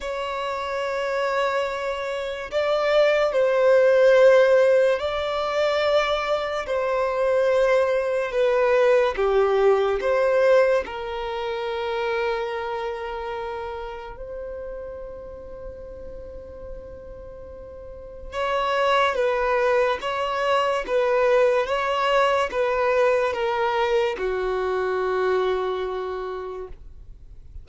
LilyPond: \new Staff \with { instrumentName = "violin" } { \time 4/4 \tempo 4 = 72 cis''2. d''4 | c''2 d''2 | c''2 b'4 g'4 | c''4 ais'2.~ |
ais'4 c''2.~ | c''2 cis''4 b'4 | cis''4 b'4 cis''4 b'4 | ais'4 fis'2. | }